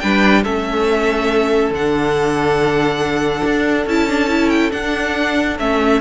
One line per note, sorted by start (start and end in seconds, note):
0.00 0.45 G3
0.00 0.43 D4
0.00 0.44 B4
0.00 0.43 G5
0.44 1.70 A3
0.44 1.73 C#4
0.44 6.01 A4
0.44 1.73 E5
1.70 3.42 D3
1.70 3.89 D4
1.70 3.88 F#5
3.44 3.86 D4
3.86 4.72 C#4
3.86 4.08 E4
3.86 4.49 A5
4.08 4.28 D4
4.28 4.71 E4
4.49 4.70 G5
4.71 5.56 D4
4.71 5.59 D4
4.71 5.58 F#5
5.59 6.01 A3
5.59 6.01 C#4
5.59 6.01 E5